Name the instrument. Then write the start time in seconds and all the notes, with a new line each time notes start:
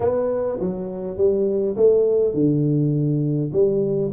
tuba
0.00 B3
0.60 F#3
1.17 G3
1.76 A3
2.34 D3
3.52 G3